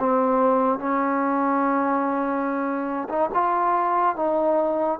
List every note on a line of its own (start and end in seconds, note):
0.00 0.80 C4
0.80 3.09 C#4
3.09 3.30 D#4
3.34 4.16 F4
4.16 5.00 D#4